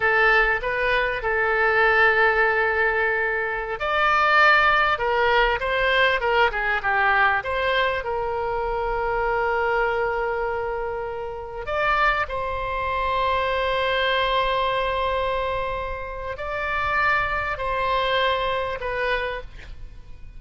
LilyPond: \new Staff \with { instrumentName = "oboe" } { \time 4/4 \tempo 4 = 99 a'4 b'4 a'2~ | a'2~ a'16 d''4.~ d''16~ | d''16 ais'4 c''4 ais'8 gis'8 g'8.~ | g'16 c''4 ais'2~ ais'8.~ |
ais'2.~ ais'16 d''8.~ | d''16 c''2.~ c''8.~ | c''2. d''4~ | d''4 c''2 b'4 | }